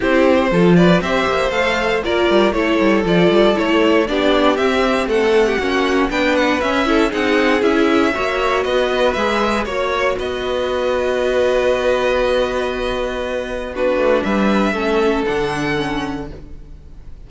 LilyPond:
<<
  \new Staff \with { instrumentName = "violin" } { \time 4/4 \tempo 4 = 118 c''4. d''8 e''4 f''4 | d''4 cis''4 d''4 cis''4 | d''4 e''4 fis''2 | g''8 fis''8 e''4 fis''4 e''4~ |
e''4 dis''4 e''4 cis''4 | dis''1~ | dis''2. b'4 | e''2 fis''2 | }
  \new Staff \with { instrumentName = "violin" } { \time 4/4 g'4 a'8 b'8 c''2 | ais'4 a'2. | g'2 a'8. g'16 fis'4 | b'4. a'8 gis'2 |
cis''4 b'2 cis''4 | b'1~ | b'2. fis'4 | b'4 a'2. | }
  \new Staff \with { instrumentName = "viola" } { \time 4/4 e'4 f'4 g'4 a'4 | f'4 e'4 f'4 e'4 | d'4 c'2 cis'4 | d'4 cis'8 e'8 dis'4 e'4 |
fis'2 gis'4 fis'4~ | fis'1~ | fis'2. d'4~ | d'4 cis'4 d'4 cis'4 | }
  \new Staff \with { instrumentName = "cello" } { \time 4/4 c'4 f4 c'8 ais8 a4 | ais8 g8 a8 g8 f8 g8 a4 | b4 c'4 a4 ais4 | b4 cis'4 c'4 cis'4 |
ais4 b4 gis4 ais4 | b1~ | b2.~ b8 a8 | g4 a4 d2 | }
>>